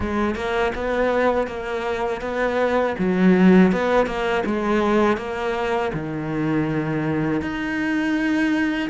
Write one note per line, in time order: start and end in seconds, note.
0.00 0.35 G#3
0.35 0.72 A#3
0.74 1.47 B3
1.47 2.21 A#3
2.21 2.95 B3
2.98 3.72 F#3
3.72 4.06 B3
4.06 4.43 A#3
4.45 5.17 G#3
5.17 5.91 A#3
5.93 7.41 D#3
7.41 8.89 D#4